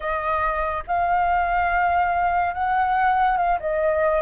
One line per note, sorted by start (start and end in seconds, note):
0.00 0.83 D#5
0.87 2.54 F5
2.54 3.37 F#5
3.37 3.58 F5
3.59 4.21 D#5